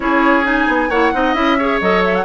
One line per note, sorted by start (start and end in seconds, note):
0.00 0.67 C#4
0.00 0.43 E4
0.00 0.89 G#4
0.00 0.45 C#5
0.43 0.88 D#4
0.43 0.90 G#5
0.67 0.89 B3
0.89 1.12 A#3
0.89 1.13 E4
0.89 1.11 C#5
0.89 1.34 F#5
1.13 1.34 C4
1.13 1.35 D#4
1.13 1.58 D#5
1.34 1.79 C#4
1.34 1.57 E4
1.34 1.79 E5
1.58 1.81 G#4
1.58 2.24 C#5
1.81 2.24 F#3
1.81 2.24 A4
1.81 2.03 D#5
2.04 2.15 E5
2.15 2.24 F#5